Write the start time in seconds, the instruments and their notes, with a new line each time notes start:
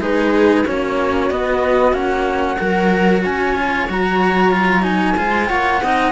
0.00 cello G#3 D#4, viola G#4, flute B4
0.65 cello A#3 C#4, viola F#4, flute C#5
1.31 cello B3, flute D#5
1.92 cello A#3 C#4, flute F#5
2.59 cello F#3 F#4, viola A#4
3.24 cello C#4, viola C#5, flute G#5
3.56 cello F4
3.89 cello F#3 F#4, flute A#5
4.52 cello F4
4.83 cello D#4, flute G#5
5.18 cello G#3 F4, viola C5
5.48 cello A#3, viola C#5, flute F#5
5.82 cello C4 D#4, viola D#5